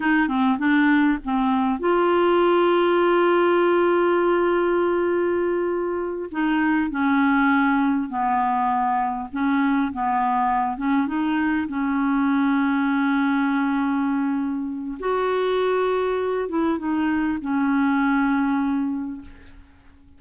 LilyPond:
\new Staff \with { instrumentName = "clarinet" } { \time 4/4 \tempo 4 = 100 dis'8 c'8 d'4 c'4 f'4~ | f'1~ | f'2~ f'8 dis'4 cis'8~ | cis'4. b2 cis'8~ |
cis'8 b4. cis'8 dis'4 cis'8~ | cis'1~ | cis'4 fis'2~ fis'8 e'8 | dis'4 cis'2. | }